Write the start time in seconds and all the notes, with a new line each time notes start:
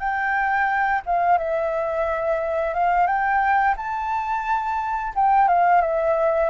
0.00 G5
1.06 F5
1.38 E5
2.75 F5
3.07 G5
3.77 A5
5.16 G5
5.49 F5
5.82 E5